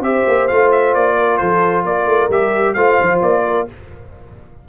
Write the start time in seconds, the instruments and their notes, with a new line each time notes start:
0.00 tuba C4, trombone G4, horn C5, trumpet E5
0.27 tuba A#3
0.47 tuba A3, trombone F4, trumpet F5
0.72 trumpet E5
0.94 tuba A#3, trumpet D5
1.18 horn A#4
1.38 tuba F3, horn A4, trumpet C5
1.85 tuba A#3, horn A#4, trumpet D5
2.06 tuba A3
2.29 tuba G3, trombone G4, trumpet E5
2.74 tuba A3, trombone F4, horn C5, trumpet F5
3.01 tuba F3
3.22 tuba A#3, trumpet D5
3.46 horn A#4